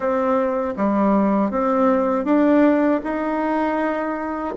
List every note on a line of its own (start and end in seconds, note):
0.00 0.74 C4
0.76 1.51 G3
1.51 2.24 C4
2.24 3.00 D4
3.03 4.55 D#4